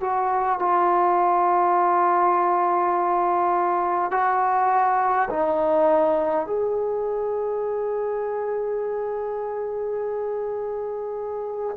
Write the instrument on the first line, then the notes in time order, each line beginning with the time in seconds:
trombone
0.00 F#4
0.59 F4
4.11 F#4
5.30 D#4
6.47 G#4